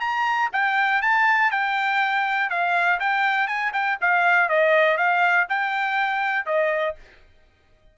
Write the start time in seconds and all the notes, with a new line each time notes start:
0.00 A#5
0.53 G5
1.02 A5
1.51 G5
2.50 F5
3.00 G5
3.47 G#5
3.73 G5
4.01 F5
4.49 D#5
4.97 F5
5.49 G5
6.46 D#5